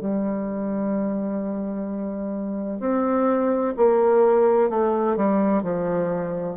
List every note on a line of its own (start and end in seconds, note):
0.00 2.80 G3
2.80 3.74 C4
3.77 4.70 A#3
4.70 5.16 A3
5.16 5.63 G3
5.63 6.57 F3